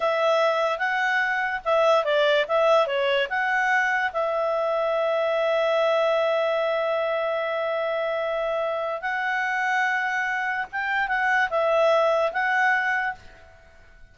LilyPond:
\new Staff \with { instrumentName = "clarinet" } { \time 4/4 \tempo 4 = 146 e''2 fis''2 | e''4 d''4 e''4 cis''4 | fis''2 e''2~ | e''1~ |
e''1~ | e''2 fis''2~ | fis''2 g''4 fis''4 | e''2 fis''2 | }